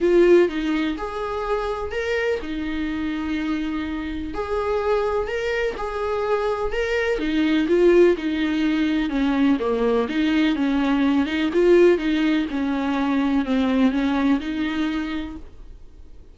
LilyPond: \new Staff \with { instrumentName = "viola" } { \time 4/4 \tempo 4 = 125 f'4 dis'4 gis'2 | ais'4 dis'2.~ | dis'4 gis'2 ais'4 | gis'2 ais'4 dis'4 |
f'4 dis'2 cis'4 | ais4 dis'4 cis'4. dis'8 | f'4 dis'4 cis'2 | c'4 cis'4 dis'2 | }